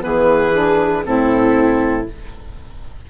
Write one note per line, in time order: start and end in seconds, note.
0.00 1.06 E3
0.00 0.51 B3
0.00 1.06 G#4
0.00 1.05 B4
0.53 1.04 D4
1.04 2.07 A2
1.04 2.06 C4
1.04 2.11 E4
1.04 2.08 A4